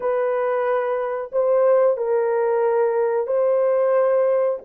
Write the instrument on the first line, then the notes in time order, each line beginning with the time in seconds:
horn
0.00 B4
1.32 C5
1.97 A#4
3.26 C5